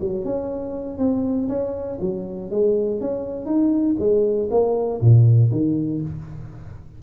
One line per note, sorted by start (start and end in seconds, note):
0.00 0.25 F#3
0.25 0.98 C#4
0.98 1.48 C4
1.49 1.99 C#4
2.01 2.51 F#3
2.51 3.01 G#3
3.01 3.46 C#4
3.46 3.96 D#4
3.99 4.49 G#3
4.51 5.01 A#3
5.01 5.51 A#2
5.51 6.01 D#3